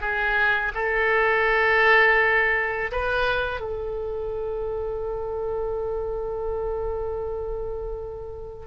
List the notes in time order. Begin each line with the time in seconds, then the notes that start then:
0.00 G#4
0.74 A4
2.91 B4
3.60 A4